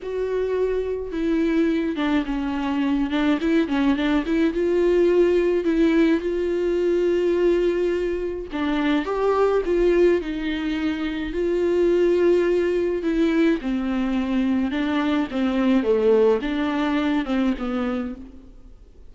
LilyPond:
\new Staff \with { instrumentName = "viola" } { \time 4/4 \tempo 4 = 106 fis'2 e'4. d'8 | cis'4. d'8 e'8 cis'8 d'8 e'8 | f'2 e'4 f'4~ | f'2. d'4 |
g'4 f'4 dis'2 | f'2. e'4 | c'2 d'4 c'4 | a4 d'4. c'8 b4 | }